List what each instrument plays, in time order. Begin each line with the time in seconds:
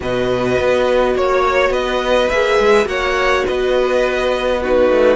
0.00 cello B2, viola F#4, violin B4 D#5
0.59 cello B3
1.15 cello A#3, violin C#5
1.69 cello B3, violin B4 D#5
2.29 cello A#3, viola G#4, violin E5
2.59 cello G#3
2.85 cello A#3, viola F#4, violin C#5 F#5
3.45 cello B3, violin B4 D#5
4.62 viola D#4, violin F#4 B4
4.89 cello A3